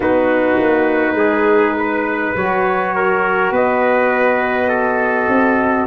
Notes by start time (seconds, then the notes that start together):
0.00 B3 D#4 F#4 B4
0.59 A#3
1.14 G#3 G#4
1.78 B4
2.36 F#3 F#4 C#5
2.95 A#4
3.50 B3 B4 D#5
4.68 A4
5.28 C4